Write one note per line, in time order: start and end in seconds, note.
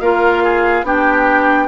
0.00 0.83 A#3
0.00 0.84 F4
0.00 0.43 A#4
0.00 0.85 F5
0.43 0.85 G#4
0.83 1.67 B3
0.83 1.68 D4
0.83 1.68 G4
0.83 1.68 G5